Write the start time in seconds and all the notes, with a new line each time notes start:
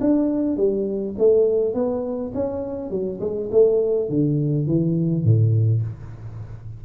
0.00 D4
0.57 G3
1.18 A3
1.74 B3
2.34 C#4
2.90 F#3
3.20 G#3
3.51 A3
4.09 D3
4.67 E3
5.24 A2